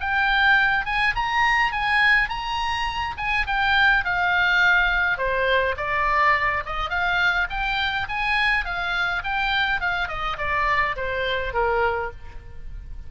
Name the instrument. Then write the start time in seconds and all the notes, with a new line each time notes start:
oboe
0.00 G5
0.85 G#5
1.15 A#5
1.72 G#5
2.29 A#5
3.17 G#5
3.47 G5
4.05 F5
5.18 C5
5.77 D5
6.66 D#5
6.90 F5
7.50 G5
8.08 G#5
8.65 F5
9.24 G5
9.81 F5
10.08 D#5
10.38 D5
10.96 C5
11.53 A#4